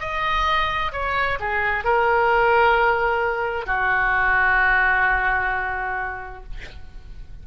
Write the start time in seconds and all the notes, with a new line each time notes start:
0.00 D#5
0.93 C#5
1.41 G#4
1.85 A#4
3.67 F#4